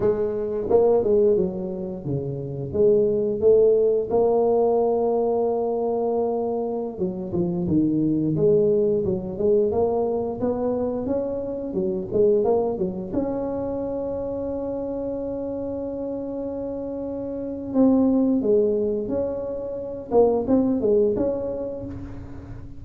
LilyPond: \new Staff \with { instrumentName = "tuba" } { \time 4/4 \tempo 4 = 88 gis4 ais8 gis8 fis4 cis4 | gis4 a4 ais2~ | ais2~ ais16 fis8 f8 dis8.~ | dis16 gis4 fis8 gis8 ais4 b8.~ |
b16 cis'4 fis8 gis8 ais8 fis8 cis'8.~ | cis'1~ | cis'2 c'4 gis4 | cis'4. ais8 c'8 gis8 cis'4 | }